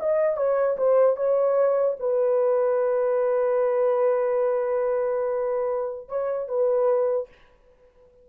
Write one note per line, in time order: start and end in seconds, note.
0.00 0.37 D#5
0.37 0.77 C#5
0.78 1.17 C5
1.17 1.97 C#5
2.00 6.09 B4
6.09 6.49 C#5
6.49 7.29 B4